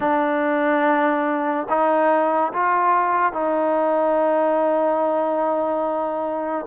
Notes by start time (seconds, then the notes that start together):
0.00 D4
1.69 D#4
2.53 F4
3.32 D#4